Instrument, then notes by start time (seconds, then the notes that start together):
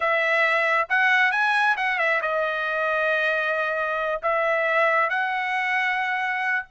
trumpet
0.00 E5
0.89 F#5
1.31 G#5
1.76 F#5
1.98 E5
2.21 D#5
4.22 E5
5.09 F#5